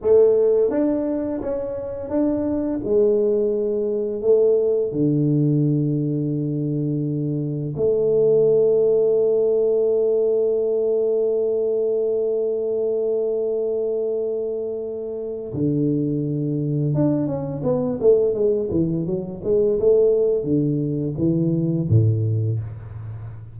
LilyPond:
\new Staff \with { instrumentName = "tuba" } { \time 4/4 \tempo 4 = 85 a4 d'4 cis'4 d'4 | gis2 a4 d4~ | d2. a4~ | a1~ |
a1~ | a2 d2 | d'8 cis'8 b8 a8 gis8 e8 fis8 gis8 | a4 d4 e4 a,4 | }